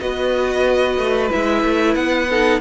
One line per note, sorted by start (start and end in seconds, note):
0.00 0.98 B3
0.00 1.29 F#4
0.00 2.29 B4
0.00 1.30 D#5
0.98 1.30 A3
1.29 1.63 G#3
1.29 2.27 E4
1.29 1.95 E5
1.63 1.95 A3
1.95 2.60 B3
1.95 2.60 F#5
2.29 2.61 D#4
2.29 2.61 A4